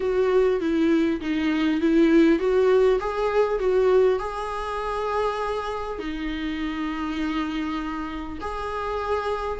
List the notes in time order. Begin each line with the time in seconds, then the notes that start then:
0.00 F#4
0.60 E4
1.20 D#4
1.80 E4
2.39 F#4
3.00 G#4
3.59 F#4
4.19 G#4
5.98 D#4
8.40 G#4